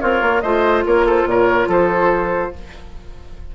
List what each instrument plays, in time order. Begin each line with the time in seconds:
0.00 bassoon C4, oboe F4, clarinet A#4, flute C#5
0.21 bassoon A#3
0.40 bassoon A3, clarinet F4, oboe C5, flute D#5
0.86 bassoon A#3, oboe A#4, flute C#5
1.06 oboe A4, flute C5
1.25 bassoon A#2, oboe A#4, flute C#5
1.68 bassoon F3, oboe A4, flute C5